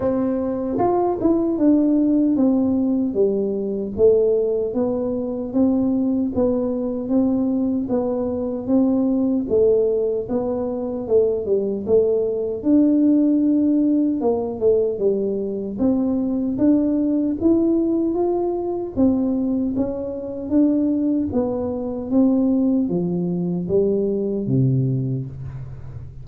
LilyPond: \new Staff \with { instrumentName = "tuba" } { \time 4/4 \tempo 4 = 76 c'4 f'8 e'8 d'4 c'4 | g4 a4 b4 c'4 | b4 c'4 b4 c'4 | a4 b4 a8 g8 a4 |
d'2 ais8 a8 g4 | c'4 d'4 e'4 f'4 | c'4 cis'4 d'4 b4 | c'4 f4 g4 c4 | }